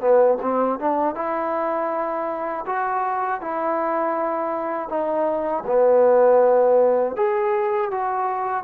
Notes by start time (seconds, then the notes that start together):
0.00 B3
0.42 C4
0.79 D4
1.15 E4
2.66 F#4
3.41 E4
4.89 D#4
5.66 B3
7.16 G#4
7.91 F#4